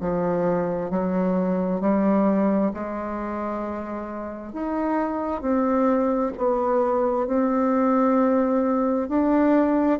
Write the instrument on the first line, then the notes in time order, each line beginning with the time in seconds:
bassoon
0.00 F3
0.90 F#3
1.81 G3
2.74 G#3
4.53 D#4
5.41 C4
6.37 B3
7.27 C4
9.08 D4